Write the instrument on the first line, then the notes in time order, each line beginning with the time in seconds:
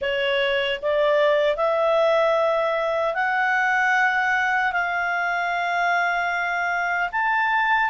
clarinet
0.01 C#5
0.81 D5
1.56 E5
3.14 F#5
4.72 F5
7.12 A5